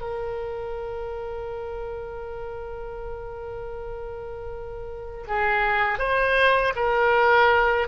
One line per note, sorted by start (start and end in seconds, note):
0.00 5.25 A#4
5.27 5.98 G#4
5.98 6.73 C5
6.75 7.88 A#4